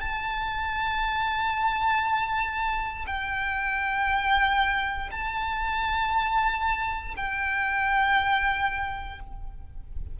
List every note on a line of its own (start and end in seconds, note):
0.00 3.05 A5
3.06 5.10 G5
5.11 7.15 A5
7.16 9.20 G5